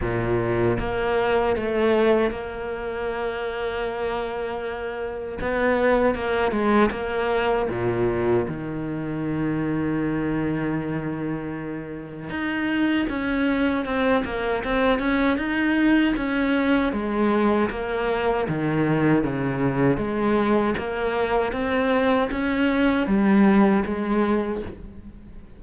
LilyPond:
\new Staff \with { instrumentName = "cello" } { \time 4/4 \tempo 4 = 78 ais,4 ais4 a4 ais4~ | ais2. b4 | ais8 gis8 ais4 ais,4 dis4~ | dis1 |
dis'4 cis'4 c'8 ais8 c'8 cis'8 | dis'4 cis'4 gis4 ais4 | dis4 cis4 gis4 ais4 | c'4 cis'4 g4 gis4 | }